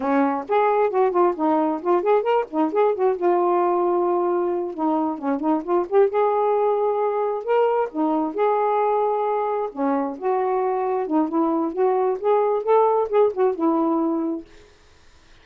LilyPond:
\new Staff \with { instrumentName = "saxophone" } { \time 4/4 \tempo 4 = 133 cis'4 gis'4 fis'8 f'8 dis'4 | f'8 gis'8 ais'8 dis'8 gis'8 fis'8 f'4~ | f'2~ f'8 dis'4 cis'8 | dis'8 f'8 g'8 gis'2~ gis'8~ |
gis'8 ais'4 dis'4 gis'4.~ | gis'4. cis'4 fis'4.~ | fis'8 dis'8 e'4 fis'4 gis'4 | a'4 gis'8 fis'8 e'2 | }